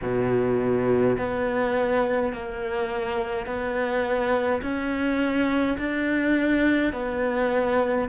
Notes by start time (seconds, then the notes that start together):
0.02 B2
1.18 B3
2.32 A#3
3.46 B3
4.62 C#4
5.77 D4
6.92 B3